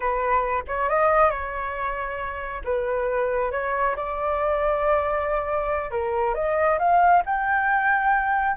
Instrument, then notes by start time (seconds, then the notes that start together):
flute
0.00 B4
0.67 C#5
0.89 D#5
1.30 C#5
2.64 B4
3.51 C#5
3.96 D5
5.90 A#4
6.34 D#5
6.79 F5
7.25 G5